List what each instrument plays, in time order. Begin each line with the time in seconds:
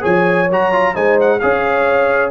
0.00 tuba F3, trombone G#4, horn C#5, trumpet G#5
0.50 tuba F#3, trombone F#4, trumpet A#5
0.72 trombone F4
0.93 tuba G#3, trombone D#4, horn C5, trumpet G#5
1.20 trumpet F#5
1.39 tuba C#4, trombone G#4, horn C#5, trumpet F5